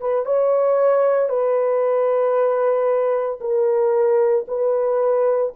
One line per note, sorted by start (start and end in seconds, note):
0.00 0.25 B4
0.25 1.29 C#5
1.29 3.39 B4
3.40 4.45 A#4
4.47 5.53 B4